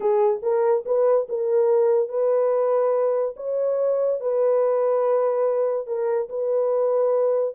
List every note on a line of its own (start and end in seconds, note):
0.00 0.40 G#4
0.42 0.84 A#4
0.85 1.27 B4
1.28 2.09 A#4
2.09 3.35 B4
3.36 4.20 C#5
4.20 5.86 B4
5.86 6.28 A#4
6.29 7.54 B4